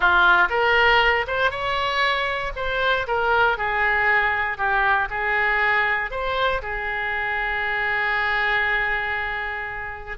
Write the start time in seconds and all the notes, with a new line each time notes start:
0.00 F4
0.49 A#4
1.27 C5
1.50 C#5
2.55 C5
3.07 A#4
3.57 G#4
4.57 G4
5.10 G#4
6.10 C5
6.61 G#4